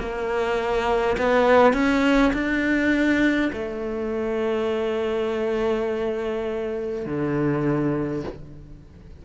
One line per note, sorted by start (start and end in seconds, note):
0.00 1.18 A#3
1.18 1.73 B3
1.73 2.32 C#4
2.34 3.51 D4
3.53 7.06 A3
7.06 8.24 D3